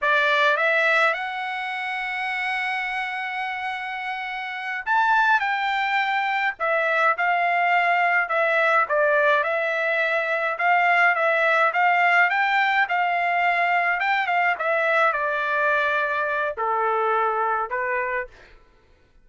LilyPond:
\new Staff \with { instrumentName = "trumpet" } { \time 4/4 \tempo 4 = 105 d''4 e''4 fis''2~ | fis''1~ | fis''8 a''4 g''2 e''8~ | e''8 f''2 e''4 d''8~ |
d''8 e''2 f''4 e''8~ | e''8 f''4 g''4 f''4.~ | f''8 g''8 f''8 e''4 d''4.~ | d''4 a'2 b'4 | }